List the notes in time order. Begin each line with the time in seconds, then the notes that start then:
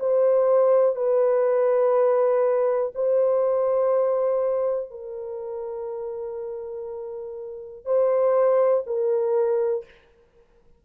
0.00 C5
0.96 B4
2.95 C5
4.91 A#4
7.86 C5
8.87 A#4